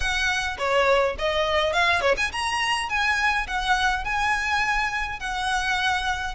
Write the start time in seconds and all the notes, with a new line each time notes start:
0.00 F#5
0.58 C#5
1.18 D#5
1.73 F5
2.01 C#5
2.17 G#5
2.32 A#5
2.89 G#5
3.47 F#5
4.04 G#5
5.19 F#5